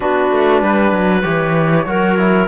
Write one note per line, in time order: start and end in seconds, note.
0.00 0.31 B3
0.00 1.22 D4
0.00 0.62 F#4
0.00 1.21 B4
0.31 0.61 A3
0.61 0.91 G3
0.61 1.87 B4
0.91 1.22 F#3
1.21 1.86 E3
1.21 1.85 G4
1.21 2.46 C#5
1.86 2.48 F#3
1.86 2.17 F#4
1.86 2.48 A#4
2.17 2.48 E4